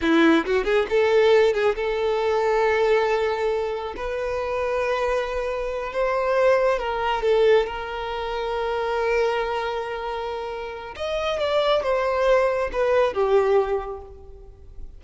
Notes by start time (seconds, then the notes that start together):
0.01 E4
0.45 F#4
0.64 G#4
0.89 A4
1.53 G#4
1.75 A4
3.96 B4
5.92 C5
6.79 A#4
7.22 A4
7.66 A#4
10.96 D#5
11.39 D5
11.82 C5
12.72 B4
13.13 G4